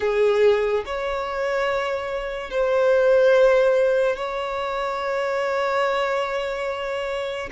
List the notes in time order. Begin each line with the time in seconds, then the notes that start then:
0.00 G#4
0.85 C#5
2.50 C5
4.16 C#5